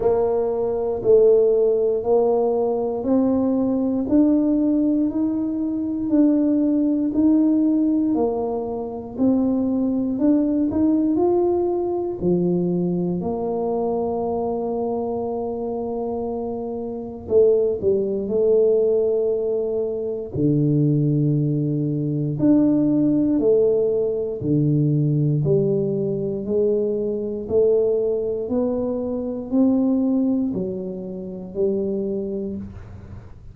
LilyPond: \new Staff \with { instrumentName = "tuba" } { \time 4/4 \tempo 4 = 59 ais4 a4 ais4 c'4 | d'4 dis'4 d'4 dis'4 | ais4 c'4 d'8 dis'8 f'4 | f4 ais2.~ |
ais4 a8 g8 a2 | d2 d'4 a4 | d4 g4 gis4 a4 | b4 c'4 fis4 g4 | }